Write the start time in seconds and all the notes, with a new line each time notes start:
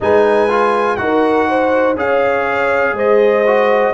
0.00 G#3 D#4 B4 G#5
0.49 F4
0.96 D#4 F#4 A#4 F#5
1.49 C5
1.95 C#4 G#4 C#5 F5
2.92 G#3 C5 D#5
3.46 F#4